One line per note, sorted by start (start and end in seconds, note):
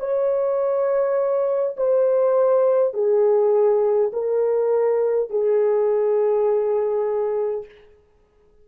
0.00 1.76 C#5
1.77 2.94 C5
2.94 4.11 G#4
4.13 5.30 A#4
5.30 7.65 G#4